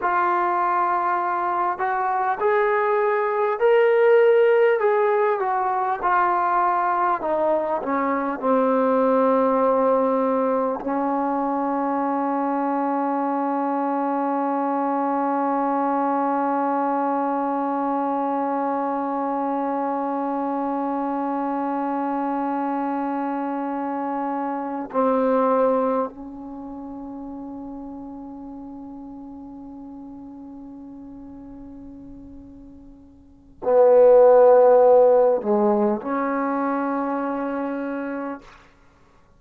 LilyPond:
\new Staff \with { instrumentName = "trombone" } { \time 4/4 \tempo 4 = 50 f'4. fis'8 gis'4 ais'4 | gis'8 fis'8 f'4 dis'8 cis'8 c'4~ | c'4 cis'2.~ | cis'1~ |
cis'1~ | cis'8. c'4 cis'2~ cis'16~ | cis'1 | b4. gis8 cis'2 | }